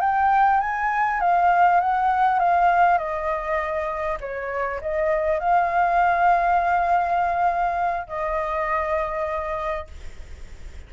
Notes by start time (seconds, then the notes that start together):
0.00 G5
0.60 G#5
1.20 F5
1.80 F#5
2.39 F5
2.98 D#5
4.20 C#5
4.81 D#5
5.39 F5
8.07 D#5